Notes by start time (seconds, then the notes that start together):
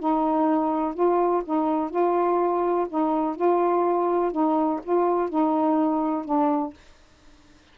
0.00 D#4
0.95 F4
1.45 D#4
1.91 F4
2.89 D#4
3.36 F4
4.32 D#4
4.84 F4
5.30 D#4
6.26 D4